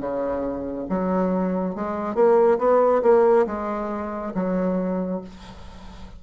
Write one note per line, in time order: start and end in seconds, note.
0.00 0.87 C#3
0.89 1.75 F#3
1.75 2.15 G#3
2.15 2.58 A#3
2.58 3.02 B3
3.02 3.46 A#3
3.46 4.33 G#3
4.34 5.21 F#3